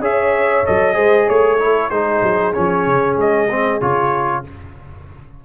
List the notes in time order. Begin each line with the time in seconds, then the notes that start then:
0.00 C#4 G#4 C#5 E5
0.65 F#3 A4 D#5
0.93 G#3 G#4 C5
1.26 A3 C#5
1.59 E4 A4
1.90 G#3 D#4 G#4 C5
2.22 F#3
2.53 F3 C#4 C#5
2.86 C#3
3.17 G#3 D#5
3.49 C4
3.81 C#3 F4 C#5